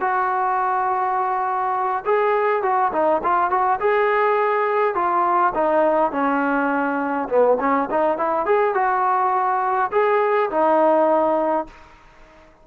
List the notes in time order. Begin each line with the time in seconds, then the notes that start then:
0.00 F#4
2.05 G#4
2.62 F#4
2.92 D#4
3.23 F4
3.50 F#4
3.80 G#4
4.95 F4
5.54 D#4
6.12 C#4
7.28 B3
7.60 C#4
7.90 D#4
8.17 E4
8.45 G#4
8.74 F#4
9.92 G#4
10.50 D#4